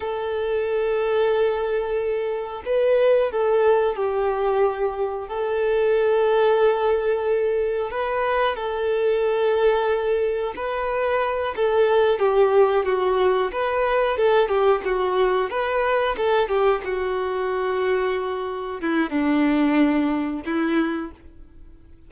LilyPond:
\new Staff \with { instrumentName = "violin" } { \time 4/4 \tempo 4 = 91 a'1 | b'4 a'4 g'2 | a'1 | b'4 a'2. |
b'4. a'4 g'4 fis'8~ | fis'8 b'4 a'8 g'8 fis'4 b'8~ | b'8 a'8 g'8 fis'2~ fis'8~ | fis'8 e'8 d'2 e'4 | }